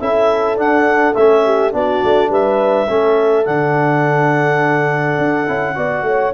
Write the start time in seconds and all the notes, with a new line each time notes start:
0.00 C#4 E4 A4 E5
0.56 D4 F#5
1.14 A3 C#4 E5
1.45 G4
1.72 B3 D4 F#4 D5
2.04 A3
2.30 G3 B4 E5
2.87 A3 C#4 A4
3.45 D3 D4 F#5
5.19 D4
5.47 C#4 E4
5.75 B3 F#4 D5
6.03 A3 C#5